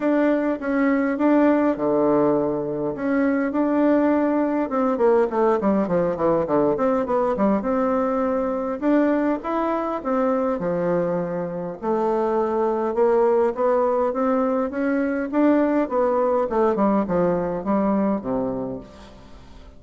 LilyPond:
\new Staff \with { instrumentName = "bassoon" } { \time 4/4 \tempo 4 = 102 d'4 cis'4 d'4 d4~ | d4 cis'4 d'2 | c'8 ais8 a8 g8 f8 e8 d8 c'8 | b8 g8 c'2 d'4 |
e'4 c'4 f2 | a2 ais4 b4 | c'4 cis'4 d'4 b4 | a8 g8 f4 g4 c4 | }